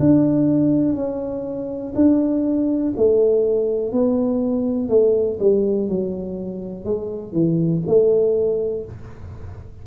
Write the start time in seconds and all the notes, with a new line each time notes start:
0.00 D4
0.95 C#4
1.95 D4
2.97 A3
3.93 B3
4.89 A3
5.40 G3
5.89 F#3
6.85 G#3
7.33 E3
7.87 A3